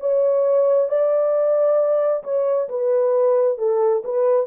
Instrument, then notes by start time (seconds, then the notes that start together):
horn
0.00 C#5
0.89 D5
2.24 C#5
2.69 B4
3.58 A4
4.05 B4